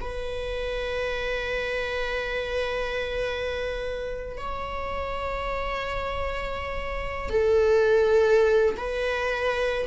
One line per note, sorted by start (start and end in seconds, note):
0.00 4.37 B4
4.37 7.29 C#5
7.29 8.75 A4
8.77 9.86 B4